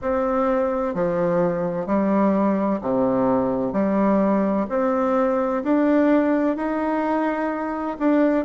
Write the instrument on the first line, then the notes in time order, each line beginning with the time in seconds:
bassoon
0.01 C4
0.94 F3
1.86 G3
2.81 C3
3.72 G3
4.69 C4
5.63 D4
6.56 D#4
7.99 D4